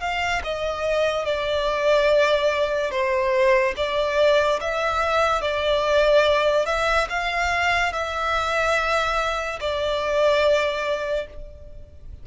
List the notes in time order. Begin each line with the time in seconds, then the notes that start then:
0.00 F5
0.44 D#5
1.25 D5
2.91 C5
3.76 D5
4.61 E5
5.41 D5
6.66 E5
7.09 F5
7.92 E5
9.60 D5